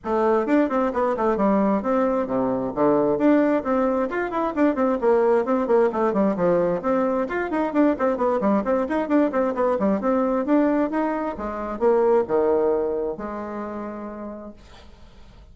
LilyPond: \new Staff \with { instrumentName = "bassoon" } { \time 4/4 \tempo 4 = 132 a4 d'8 c'8 b8 a8 g4 | c'4 c4 d4 d'4 | c'4 f'8 e'8 d'8 c'8 ais4 | c'8 ais8 a8 g8 f4 c'4 |
f'8 dis'8 d'8 c'8 b8 g8 c'8 dis'8 | d'8 c'8 b8 g8 c'4 d'4 | dis'4 gis4 ais4 dis4~ | dis4 gis2. | }